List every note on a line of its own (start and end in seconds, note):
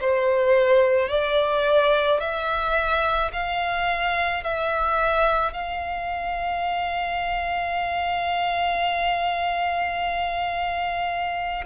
0.00 1.09 C5
1.09 2.20 D5
2.20 3.31 E5
3.32 4.43 F5
4.43 5.53 E5
5.53 11.64 F5